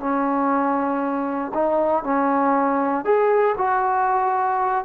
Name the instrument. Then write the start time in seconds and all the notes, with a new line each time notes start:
trombone
0.00 C#4
1.54 D#4
2.04 C#4
3.05 G#4
3.58 F#4